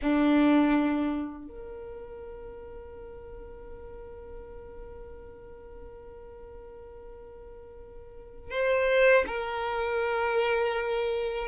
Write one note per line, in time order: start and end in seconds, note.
0.01 1.47 D4
1.47 8.50 A#4
8.50 9.24 C5
9.26 11.48 A#4